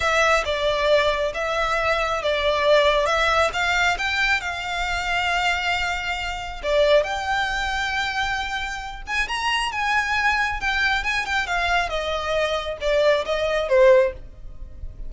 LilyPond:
\new Staff \with { instrumentName = "violin" } { \time 4/4 \tempo 4 = 136 e''4 d''2 e''4~ | e''4 d''2 e''4 | f''4 g''4 f''2~ | f''2. d''4 |
g''1~ | g''8 gis''8 ais''4 gis''2 | g''4 gis''8 g''8 f''4 dis''4~ | dis''4 d''4 dis''4 c''4 | }